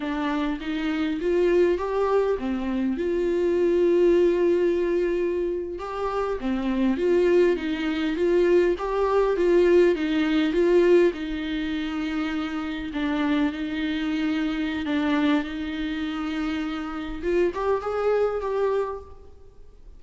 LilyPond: \new Staff \with { instrumentName = "viola" } { \time 4/4 \tempo 4 = 101 d'4 dis'4 f'4 g'4 | c'4 f'2.~ | f'4.~ f'16 g'4 c'4 f'16~ | f'8. dis'4 f'4 g'4 f'16~ |
f'8. dis'4 f'4 dis'4~ dis'16~ | dis'4.~ dis'16 d'4 dis'4~ dis'16~ | dis'4 d'4 dis'2~ | dis'4 f'8 g'8 gis'4 g'4 | }